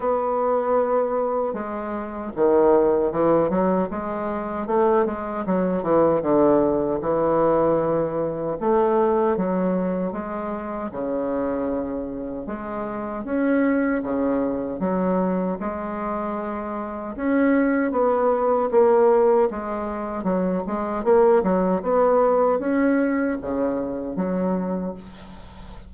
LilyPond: \new Staff \with { instrumentName = "bassoon" } { \time 4/4 \tempo 4 = 77 b2 gis4 dis4 | e8 fis8 gis4 a8 gis8 fis8 e8 | d4 e2 a4 | fis4 gis4 cis2 |
gis4 cis'4 cis4 fis4 | gis2 cis'4 b4 | ais4 gis4 fis8 gis8 ais8 fis8 | b4 cis'4 cis4 fis4 | }